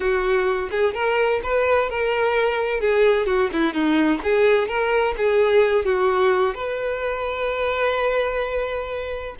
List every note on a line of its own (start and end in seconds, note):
0.00 0.69 F#4
0.71 0.94 G#4
0.94 1.40 A#4
1.43 1.89 B4
1.89 2.80 A#4
2.80 3.26 G#4
3.26 3.50 F#4
3.52 3.73 E4
3.73 4.20 D#4
4.23 4.67 G#4
4.67 5.14 A#4
5.17 5.85 G#4
5.85 6.54 F#4
6.54 9.35 B4